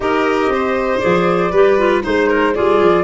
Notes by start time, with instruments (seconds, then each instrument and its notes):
0.00 tuba D#4, clarinet G4, violin A#4, flute D#5
0.48 tuba C4, violin C5
0.99 tuba F3, clarinet G#4, flute D5
1.51 tuba G3, clarinet G4, violin B4
1.78 clarinet F4
2.02 tuba G#3, clarinet D#4, violin C5, flute C5
2.28 violin A#4
2.53 tuba G3, clarinet F4, violin G#4, flute D5
2.80 tuba F3